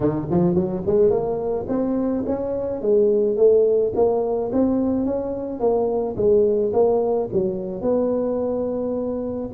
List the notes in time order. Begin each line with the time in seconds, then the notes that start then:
0.00 D#3
0.30 F3
0.54 F#3
0.86 G#3
1.10 A#3
1.68 C4
2.26 C#4
2.81 G#3
3.36 A3
3.95 A#3
4.52 C4
5.05 C#4
5.59 A#3
6.16 G#3
6.73 A#3
7.32 F#3
7.81 B3